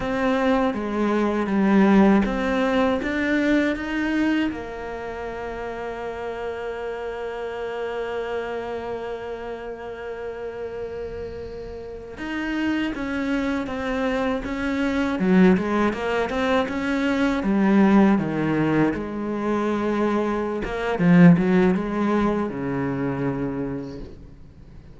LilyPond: \new Staff \with { instrumentName = "cello" } { \time 4/4 \tempo 4 = 80 c'4 gis4 g4 c'4 | d'4 dis'4 ais2~ | ais1~ | ais1~ |
ais16 dis'4 cis'4 c'4 cis'8.~ | cis'16 fis8 gis8 ais8 c'8 cis'4 g8.~ | g16 dis4 gis2~ gis16 ais8 | f8 fis8 gis4 cis2 | }